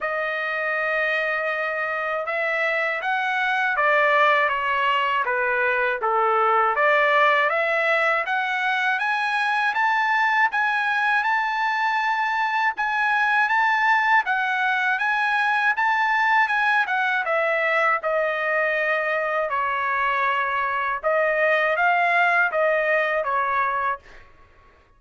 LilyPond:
\new Staff \with { instrumentName = "trumpet" } { \time 4/4 \tempo 4 = 80 dis''2. e''4 | fis''4 d''4 cis''4 b'4 | a'4 d''4 e''4 fis''4 | gis''4 a''4 gis''4 a''4~ |
a''4 gis''4 a''4 fis''4 | gis''4 a''4 gis''8 fis''8 e''4 | dis''2 cis''2 | dis''4 f''4 dis''4 cis''4 | }